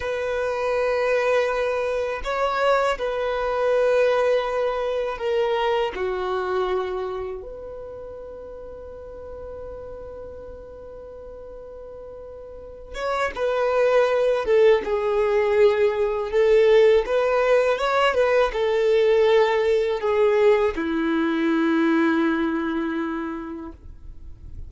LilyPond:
\new Staff \with { instrumentName = "violin" } { \time 4/4 \tempo 4 = 81 b'2. cis''4 | b'2. ais'4 | fis'2 b'2~ | b'1~ |
b'4. cis''8 b'4. a'8 | gis'2 a'4 b'4 | cis''8 b'8 a'2 gis'4 | e'1 | }